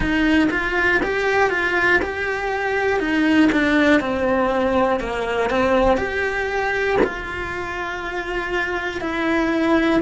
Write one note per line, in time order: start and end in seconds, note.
0.00 0.48 D#4
0.50 1.00 F4
1.02 1.50 G4
1.50 2.00 F4
2.01 3.00 G4
3.00 3.50 D#4
3.51 4.00 D4
4.00 5.00 C4
5.00 5.50 A#3
5.50 5.97 C4
5.97 6.97 G4
7.03 9.00 F4
9.00 10.00 E4